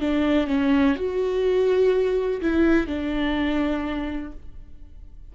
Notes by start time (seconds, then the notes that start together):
0.00 D4
0.47 C#4
0.95 F#4
2.41 E4
2.87 D4